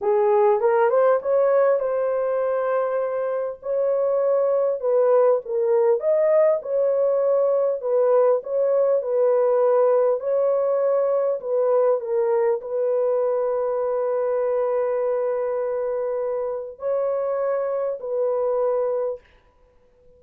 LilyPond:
\new Staff \with { instrumentName = "horn" } { \time 4/4 \tempo 4 = 100 gis'4 ais'8 c''8 cis''4 c''4~ | c''2 cis''2 | b'4 ais'4 dis''4 cis''4~ | cis''4 b'4 cis''4 b'4~ |
b'4 cis''2 b'4 | ais'4 b'2.~ | b'1 | cis''2 b'2 | }